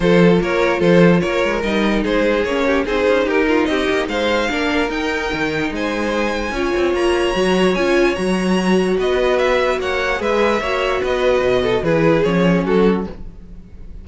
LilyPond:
<<
  \new Staff \with { instrumentName = "violin" } { \time 4/4 \tempo 4 = 147 c''4 cis''4 c''4 cis''4 | dis''4 c''4 cis''4 c''4 | ais'4 dis''4 f''2 | g''2 gis''2~ |
gis''4 ais''2 gis''4 | ais''2 dis''4 e''4 | fis''4 e''2 dis''4~ | dis''4 b'4 cis''4 a'4 | }
  \new Staff \with { instrumentName = "violin" } { \time 4/4 a'4 ais'4 a'4 ais'4~ | ais'4 gis'4. g'8 gis'4 | g'8 f'8 g'4 c''4 ais'4~ | ais'2 c''2 |
cis''1~ | cis''2 b'2 | cis''4 b'4 cis''4 b'4~ | b'8 a'8 gis'2 fis'4 | }
  \new Staff \with { instrumentName = "viola" } { \time 4/4 f'1 | dis'2 cis'4 dis'4~ | dis'2. d'4 | dis'1 |
f'2 fis'4 f'4 | fis'1~ | fis'4 gis'4 fis'2~ | fis'4 e'4 cis'2 | }
  \new Staff \with { instrumentName = "cello" } { \time 4/4 f4 ais4 f4 ais8 gis8 | g4 gis4 ais4 c'8 cis'8 | dis'4 c'8 ais8 gis4 ais4 | dis'4 dis4 gis2 |
cis'8 c'8 ais4 fis4 cis'4 | fis2 b2 | ais4 gis4 ais4 b4 | b,4 e4 f4 fis4 | }
>>